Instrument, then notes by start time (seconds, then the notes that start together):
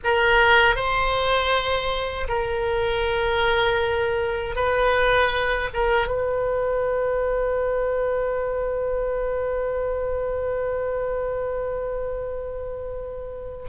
oboe
0.04 A#4
0.75 C5
2.28 A#4
4.55 B4
5.73 A#4
6.07 B4